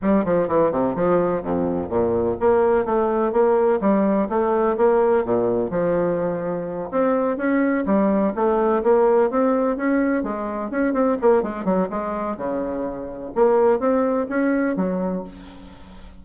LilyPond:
\new Staff \with { instrumentName = "bassoon" } { \time 4/4 \tempo 4 = 126 g8 f8 e8 c8 f4 f,4 | ais,4 ais4 a4 ais4 | g4 a4 ais4 ais,4 | f2~ f8 c'4 cis'8~ |
cis'8 g4 a4 ais4 c'8~ | c'8 cis'4 gis4 cis'8 c'8 ais8 | gis8 fis8 gis4 cis2 | ais4 c'4 cis'4 fis4 | }